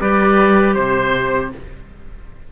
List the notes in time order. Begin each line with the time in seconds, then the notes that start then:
0.00 G3 G4 B4 D5
0.75 C3 C5